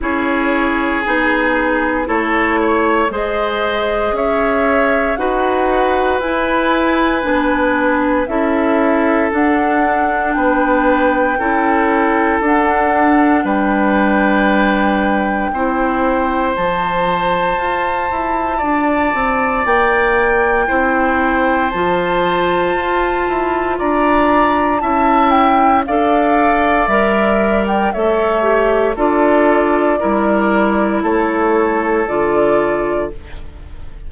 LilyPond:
<<
  \new Staff \with { instrumentName = "flute" } { \time 4/4 \tempo 4 = 58 cis''4 gis'4 cis''4 dis''4 | e''4 fis''4 gis''2 | e''4 fis''4 g''2 | fis''4 g''2. |
a''2. g''4~ | g''4 a''2 ais''4 | a''8 g''8 f''4 e''8. g''16 e''4 | d''2 cis''4 d''4 | }
  \new Staff \with { instrumentName = "oboe" } { \time 4/4 gis'2 a'8 cis''8 c''4 | cis''4 b'2. | a'2 b'4 a'4~ | a'4 b'2 c''4~ |
c''2 d''2 | c''2. d''4 | e''4 d''2 cis''4 | a'4 ais'4 a'2 | }
  \new Staff \with { instrumentName = "clarinet" } { \time 4/4 e'4 dis'4 e'4 gis'4~ | gis'4 fis'4 e'4 d'4 | e'4 d'2 e'4 | d'2. e'4 |
f'1 | e'4 f'2. | e'4 a'4 ais'4 a'8 g'8 | f'4 e'2 f'4 | }
  \new Staff \with { instrumentName = "bassoon" } { \time 4/4 cis'4 b4 a4 gis4 | cis'4 dis'4 e'4 b4 | cis'4 d'4 b4 cis'4 | d'4 g2 c'4 |
f4 f'8 e'8 d'8 c'8 ais4 | c'4 f4 f'8 e'8 d'4 | cis'4 d'4 g4 a4 | d'4 g4 a4 d4 | }
>>